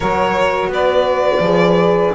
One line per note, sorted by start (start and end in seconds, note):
0.00 0.67 F#3
0.00 1.43 F#4
0.00 0.71 A#4
0.00 0.71 C#5
0.67 1.39 B3
0.67 2.14 B4
0.67 2.14 D5
1.39 2.11 F3
1.39 2.14 G#4